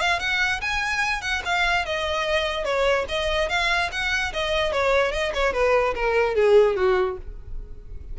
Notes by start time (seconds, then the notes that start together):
0.00 F5
0.19 F#5
0.61 G#5
1.21 F#5
1.45 F5
1.85 D#5
2.64 C#5
3.08 D#5
3.49 F5
3.91 F#5
4.33 D#5
4.72 C#5
5.11 D#5
5.34 C#5
5.53 B4
5.94 A#4
6.35 G#4
6.76 F#4